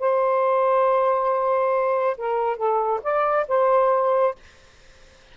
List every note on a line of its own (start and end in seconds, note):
0.00 2.17 C5
2.18 2.58 A#4
2.58 3.01 A4
3.04 3.47 D5
3.49 4.36 C5